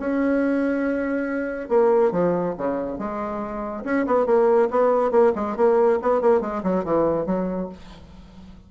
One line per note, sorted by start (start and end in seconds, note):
0.00 1.69 C#4
1.69 2.12 A#3
2.12 2.55 F3
2.58 2.99 C#3
2.99 3.85 G#3
3.85 4.06 C#4
4.07 4.26 B3
4.26 4.69 A#3
4.71 5.12 B3
5.12 5.33 A#3
5.36 5.57 G#3
5.57 6.00 A#3
6.03 6.21 B3
6.21 6.41 A#3
6.41 6.63 G#3
6.64 6.85 F#3
6.85 7.26 E3
7.26 7.69 F#3